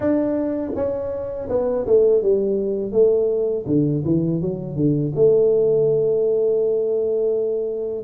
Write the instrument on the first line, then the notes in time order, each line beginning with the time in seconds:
tuba
0.00 D4
0.75 C#4
1.49 B3
1.86 A3
2.22 G3
2.91 A3
3.66 D3
4.04 E3
4.41 F#3
4.76 D3
5.15 A3